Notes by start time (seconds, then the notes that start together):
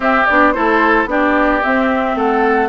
0.00 C4 G4 E5
0.26 B3 D4 D5
0.52 A3 E4 A4 C5
1.05 B3 D4 G4 D5
1.62 C4 E5
2.15 A3 A4 F#5